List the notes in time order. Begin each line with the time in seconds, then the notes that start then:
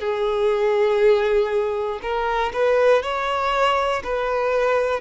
0.00 G#4
2.02 A#4
2.54 B4
3.03 C#5
4.04 B4